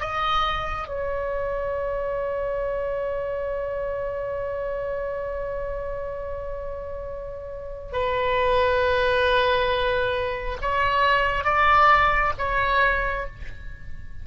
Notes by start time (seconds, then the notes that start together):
0.00 D#5
0.87 C#5
7.93 B4
10.61 C#5
11.44 D5
12.38 C#5